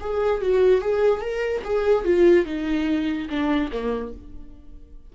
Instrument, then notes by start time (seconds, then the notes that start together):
viola
0.00 G#4
0.42 F#4
0.81 G#4
1.21 A#4
1.64 G#4
2.04 F4
2.46 D#4
3.30 D4
3.72 A#3